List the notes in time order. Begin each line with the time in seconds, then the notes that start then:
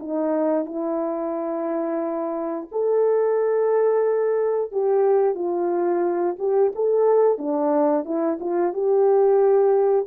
0.00 D#4
0.66 E4
2.72 A4
4.72 G4
5.35 F4
6.39 G4
6.75 A4
7.38 D4
8.05 E4
8.40 F4
8.73 G4